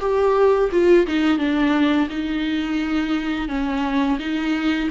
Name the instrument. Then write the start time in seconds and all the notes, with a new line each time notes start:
viola
0.00 G4
0.71 F4
1.07 D#4
1.39 D4
2.10 D#4
3.49 C#4
4.19 D#4